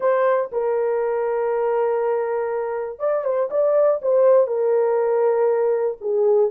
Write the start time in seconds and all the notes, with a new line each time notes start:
0.00 C5
0.52 A#4
2.99 D5
3.24 C5
3.50 D5
4.02 C5
4.47 A#4
6.00 G#4